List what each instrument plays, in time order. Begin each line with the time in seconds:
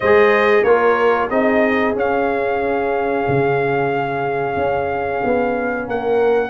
0.00 tuba G#3, trombone G#4, horn C5, trumpet D#5
0.63 tuba A#3, trombone F4, horn A#4, trumpet C#5
1.29 tuba C4, trombone D#4, horn G#4, trumpet D#5
1.95 trombone C#4, tuba C#4, trumpet F5
3.28 tuba C#3
4.56 tuba C#4
5.24 tuba B3
5.86 tuba A#3, horn A#4, trumpet F#5